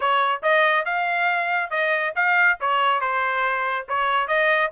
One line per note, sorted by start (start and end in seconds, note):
0.00 0.42 C#5
0.42 0.85 D#5
0.85 1.70 F5
1.70 2.13 D#5
2.15 2.58 F5
2.60 3.00 C#5
3.00 3.86 C5
3.88 4.27 C#5
4.27 4.70 D#5